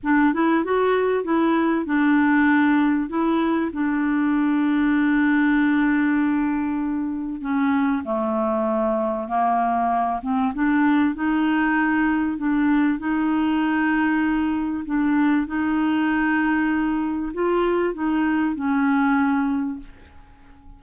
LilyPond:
\new Staff \with { instrumentName = "clarinet" } { \time 4/4 \tempo 4 = 97 d'8 e'8 fis'4 e'4 d'4~ | d'4 e'4 d'2~ | d'1 | cis'4 a2 ais4~ |
ais8 c'8 d'4 dis'2 | d'4 dis'2. | d'4 dis'2. | f'4 dis'4 cis'2 | }